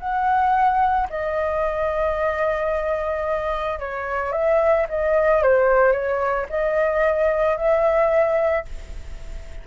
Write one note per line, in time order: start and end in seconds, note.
0.00 1.08 F#5
1.10 3.80 D#5
3.80 4.33 C#5
4.33 4.87 E5
4.89 5.43 D#5
5.43 5.93 C5
5.93 6.47 C#5
6.50 7.57 D#5
7.57 8.66 E5